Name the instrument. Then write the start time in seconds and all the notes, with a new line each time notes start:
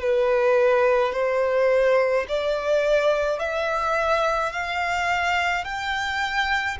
violin
0.00 B4
1.13 C5
2.28 D5
3.39 E5
4.52 F5
5.64 G5